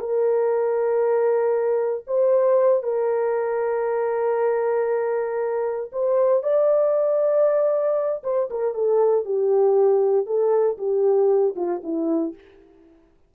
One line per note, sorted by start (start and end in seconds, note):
0.00 2.05 A#4
2.07 2.83 C5
2.83 5.91 A#4
5.93 6.44 C5
6.44 8.23 D5
8.24 8.50 C5
8.51 8.75 A#4
8.75 9.25 A4
9.25 10.26 G4
10.26 10.78 A4
10.78 11.55 G4
11.56 11.82 F4
11.84 12.35 E4